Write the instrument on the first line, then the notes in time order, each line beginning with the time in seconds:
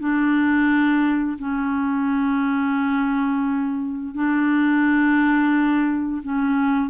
clarinet
0.00 D4
1.39 C#4
4.15 D4
6.23 C#4